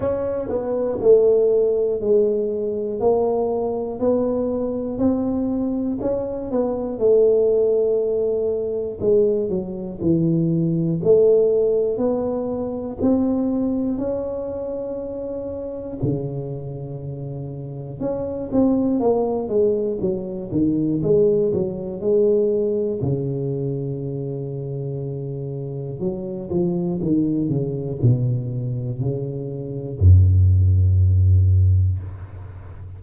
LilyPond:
\new Staff \with { instrumentName = "tuba" } { \time 4/4 \tempo 4 = 60 cis'8 b8 a4 gis4 ais4 | b4 c'4 cis'8 b8 a4~ | a4 gis8 fis8 e4 a4 | b4 c'4 cis'2 |
cis2 cis'8 c'8 ais8 gis8 | fis8 dis8 gis8 fis8 gis4 cis4~ | cis2 fis8 f8 dis8 cis8 | b,4 cis4 fis,2 | }